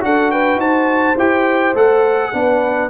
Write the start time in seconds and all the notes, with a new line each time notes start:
0.00 D4 F#4 A4 F#5
0.31 B4 G5
0.56 D#4 C5 A5
1.17 E4 G4 G5
1.74 A3 A4 F#5
2.33 B3 D4 B4